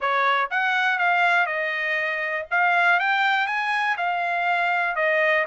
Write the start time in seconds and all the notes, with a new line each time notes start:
0.00 C#5
0.50 F#5
0.98 F5
1.46 D#5
2.50 F5
2.99 G5
3.46 G#5
3.97 F5
4.95 D#5